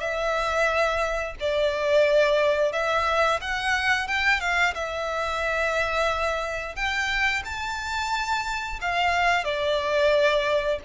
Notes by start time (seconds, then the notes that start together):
0.00 E5
1.40 D5
2.73 E5
3.41 F#5
4.08 G5
4.40 F5
4.74 E5
6.76 G5
7.45 A5
8.81 F5
9.44 D5